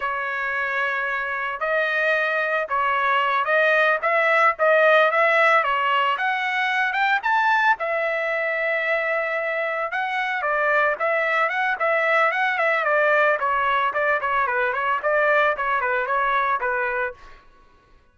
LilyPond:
\new Staff \with { instrumentName = "trumpet" } { \time 4/4 \tempo 4 = 112 cis''2. dis''4~ | dis''4 cis''4. dis''4 e''8~ | e''8 dis''4 e''4 cis''4 fis''8~ | fis''4 g''8 a''4 e''4.~ |
e''2~ e''8 fis''4 d''8~ | d''8 e''4 fis''8 e''4 fis''8 e''8 | d''4 cis''4 d''8 cis''8 b'8 cis''8 | d''4 cis''8 b'8 cis''4 b'4 | }